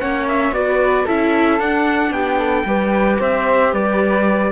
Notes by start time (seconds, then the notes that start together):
0.00 A#3 C#4 C#5 F#5
0.28 E5
0.52 B3 F#4 B4 D5
1.05 C#4 E4 A4 E5
1.60 D4 F#5
2.11 B3 G4 G5
2.39 A4
2.65 G3 G4 B4
3.20 C4 C5 E5
3.73 G3 B4 D5